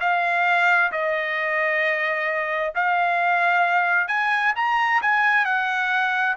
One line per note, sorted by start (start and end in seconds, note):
0.00 0.91 F5
0.91 2.73 D#5
2.75 4.07 F5
4.07 4.53 G#5
4.56 5.01 A#5
5.01 5.45 G#5
5.45 6.36 F#5